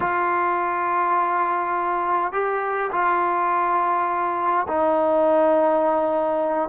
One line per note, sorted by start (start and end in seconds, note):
0.00 2.32 F4
2.32 2.90 G4
2.92 4.66 F4
4.68 6.69 D#4